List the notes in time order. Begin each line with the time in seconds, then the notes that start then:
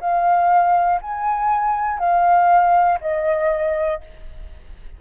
0.00 F5
1.02 G#5
1.99 F5
3.00 D#5